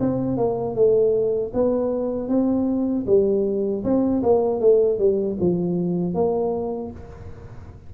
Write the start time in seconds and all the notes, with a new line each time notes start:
0.00 C4
0.37 A#3
0.75 A3
1.54 B3
2.28 C4
3.07 G3
3.84 C4
4.23 A#3
4.60 A3
4.99 G3
5.40 F3
6.14 A#3